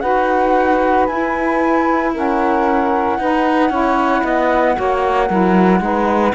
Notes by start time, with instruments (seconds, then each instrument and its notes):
0.00 cello D#4, saxophone F#4 B4, flute F#5
1.07 cello E4, saxophone E4, flute G#5
2.13 saxophone C#4 A#4, flute F#5
3.18 cello D#4, saxophone D#4 B4
3.70 cello C#4, saxophone E4 C#5
4.23 cello B3, saxophone D#5
4.75 cello A#3, saxophone F#4 C#5
5.27 cello F#3, saxophone E4 A#4
5.80 cello G#3, saxophone D#4 B4